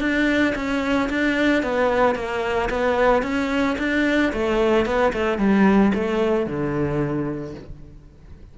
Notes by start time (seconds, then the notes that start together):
0.00 D4
0.55 C#4
1.10 D4
1.63 B3
2.15 A#3
2.70 B3
3.22 C#4
3.78 D4
4.33 A3
4.85 B3
5.13 A3
5.38 G3
5.94 A3
6.46 D3